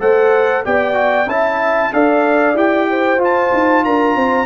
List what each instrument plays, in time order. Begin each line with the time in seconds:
0.00 tuba A3, trombone A4, horn C5, trumpet F#5
0.65 tuba B3, trombone G4, horn D5, trumpet G5
0.93 trombone F#4
1.27 tuba C#4, trombone E4, horn E5, trumpet A5
1.93 tuba D4, trombone A4, horn D5, trumpet F5
2.54 tuba E4, trombone G4, trumpet G5
2.90 horn C5
3.18 tuba F4, trombone F4
3.24 trumpet A5
3.53 tuba D#4
3.84 tuba D4, horn A#4, trumpet A#5
4.15 tuba C4, horn C5